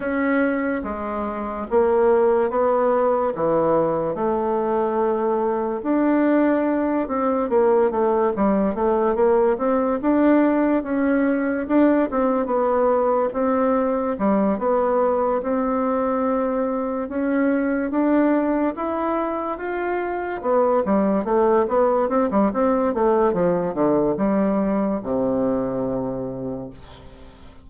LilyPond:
\new Staff \with { instrumentName = "bassoon" } { \time 4/4 \tempo 4 = 72 cis'4 gis4 ais4 b4 | e4 a2 d'4~ | d'8 c'8 ais8 a8 g8 a8 ais8 c'8 | d'4 cis'4 d'8 c'8 b4 |
c'4 g8 b4 c'4.~ | c'8 cis'4 d'4 e'4 f'8~ | f'8 b8 g8 a8 b8 c'16 g16 c'8 a8 | f8 d8 g4 c2 | }